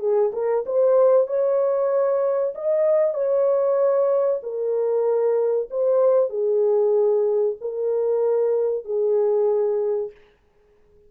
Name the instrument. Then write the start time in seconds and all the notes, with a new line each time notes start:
horn
0.00 G#4
0.33 A#4
0.67 C5
1.28 C#5
2.55 D#5
3.14 C#5
4.43 A#4
5.71 C5
6.30 G#4
7.61 A#4
8.85 G#4